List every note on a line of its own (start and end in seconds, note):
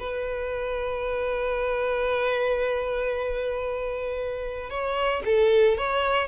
0.00 4.70 B4
4.70 5.23 C#5
5.25 5.78 A4
5.78 6.28 C#5